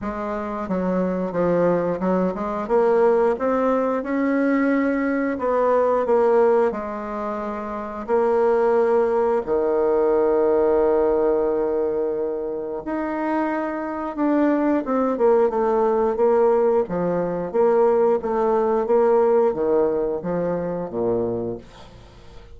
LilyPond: \new Staff \with { instrumentName = "bassoon" } { \time 4/4 \tempo 4 = 89 gis4 fis4 f4 fis8 gis8 | ais4 c'4 cis'2 | b4 ais4 gis2 | ais2 dis2~ |
dis2. dis'4~ | dis'4 d'4 c'8 ais8 a4 | ais4 f4 ais4 a4 | ais4 dis4 f4 ais,4 | }